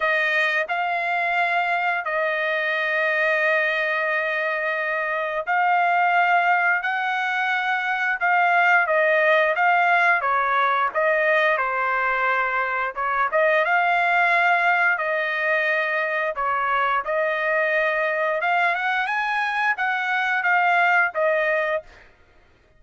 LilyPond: \new Staff \with { instrumentName = "trumpet" } { \time 4/4 \tempo 4 = 88 dis''4 f''2 dis''4~ | dis''1 | f''2 fis''2 | f''4 dis''4 f''4 cis''4 |
dis''4 c''2 cis''8 dis''8 | f''2 dis''2 | cis''4 dis''2 f''8 fis''8 | gis''4 fis''4 f''4 dis''4 | }